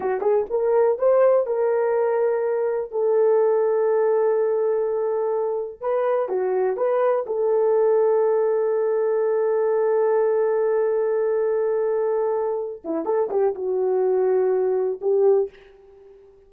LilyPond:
\new Staff \with { instrumentName = "horn" } { \time 4/4 \tempo 4 = 124 fis'8 gis'8 ais'4 c''4 ais'4~ | ais'2 a'2~ | a'1 | b'4 fis'4 b'4 a'4~ |
a'1~ | a'1~ | a'2~ a'8 e'8 a'8 g'8 | fis'2. g'4 | }